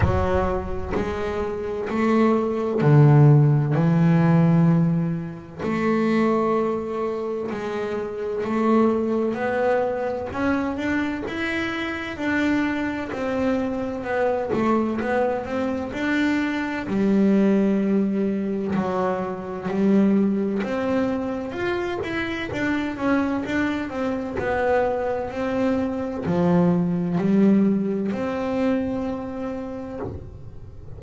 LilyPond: \new Staff \with { instrumentName = "double bass" } { \time 4/4 \tempo 4 = 64 fis4 gis4 a4 d4 | e2 a2 | gis4 a4 b4 cis'8 d'8 | e'4 d'4 c'4 b8 a8 |
b8 c'8 d'4 g2 | fis4 g4 c'4 f'8 e'8 | d'8 cis'8 d'8 c'8 b4 c'4 | f4 g4 c'2 | }